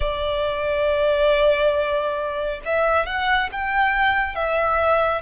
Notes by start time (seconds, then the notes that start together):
0.00 D5
2.65 E5
3.06 F#5
3.51 G5
4.35 E5